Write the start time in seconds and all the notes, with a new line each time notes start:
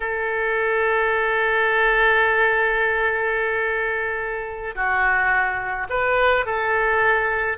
0.00 A4
4.75 F#4
5.89 B4
6.45 A4